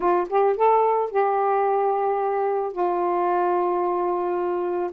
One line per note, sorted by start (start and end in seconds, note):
0.00 0.27 F4
0.29 0.56 G4
0.56 1.11 A4
1.11 2.72 G4
2.72 4.90 F4